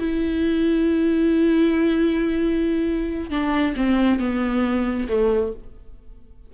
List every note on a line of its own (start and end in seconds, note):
0.00 3.31 E4
3.31 3.75 D4
3.77 4.20 C4
4.20 5.08 B3
5.09 5.53 A3